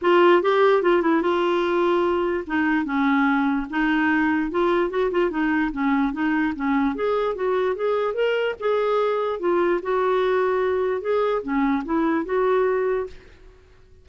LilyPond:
\new Staff \with { instrumentName = "clarinet" } { \time 4/4 \tempo 4 = 147 f'4 g'4 f'8 e'8 f'4~ | f'2 dis'4 cis'4~ | cis'4 dis'2 f'4 | fis'8 f'8 dis'4 cis'4 dis'4 |
cis'4 gis'4 fis'4 gis'4 | ais'4 gis'2 f'4 | fis'2. gis'4 | cis'4 e'4 fis'2 | }